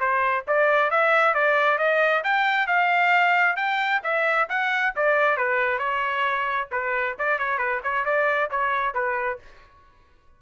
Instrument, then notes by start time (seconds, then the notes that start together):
trumpet
0.00 C5
0.48 D5
0.91 E5
1.35 D5
1.78 D#5
2.24 G5
2.67 F5
3.57 G5
4.04 E5
4.49 F#5
4.96 D5
5.37 B4
5.79 C#5
6.72 B4
7.19 D5
7.39 C#5
7.59 B4
7.84 C#5
8.05 D5
8.51 C#5
8.95 B4